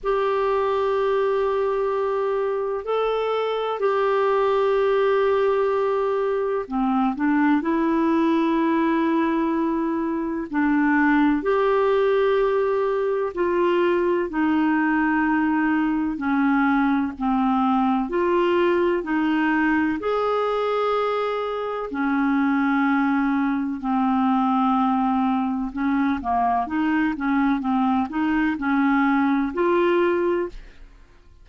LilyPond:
\new Staff \with { instrumentName = "clarinet" } { \time 4/4 \tempo 4 = 63 g'2. a'4 | g'2. c'8 d'8 | e'2. d'4 | g'2 f'4 dis'4~ |
dis'4 cis'4 c'4 f'4 | dis'4 gis'2 cis'4~ | cis'4 c'2 cis'8 ais8 | dis'8 cis'8 c'8 dis'8 cis'4 f'4 | }